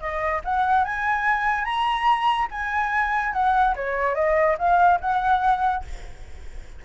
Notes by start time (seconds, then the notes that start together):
0.00 D#5
0.44 F#5
0.84 G#5
1.64 A#5
2.51 G#5
3.33 F#5
3.76 C#5
4.15 D#5
4.58 F5
5.01 F#5